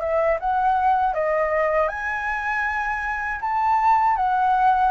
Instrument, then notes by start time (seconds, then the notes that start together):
flute
0.00 E5
0.40 F#5
1.14 D#5
1.88 G#5
3.41 A5
4.16 F#5